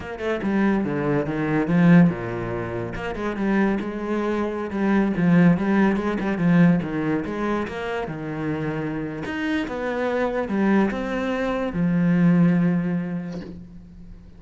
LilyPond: \new Staff \with { instrumentName = "cello" } { \time 4/4 \tempo 4 = 143 ais8 a8 g4 d4 dis4 | f4 ais,2 ais8 gis8 | g4 gis2~ gis16 g8.~ | g16 f4 g4 gis8 g8 f8.~ |
f16 dis4 gis4 ais4 dis8.~ | dis2 dis'4 b4~ | b4 g4 c'2 | f1 | }